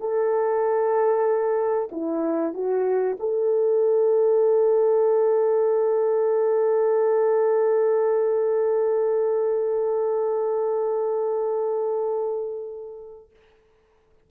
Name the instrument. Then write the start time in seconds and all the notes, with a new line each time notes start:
horn
0.00 A4
1.92 E4
2.54 F#4
3.20 A4